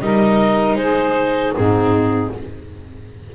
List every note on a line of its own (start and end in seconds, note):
0.00 0.75 G3
0.00 1.54 D#4
0.00 0.79 A#4
0.00 0.75 D#5
0.75 1.52 G#3
0.75 1.55 G#4
0.75 1.52 C5
1.54 2.34 G#2
1.54 2.32 C4
1.54 2.33 D#4
1.54 2.31 G#4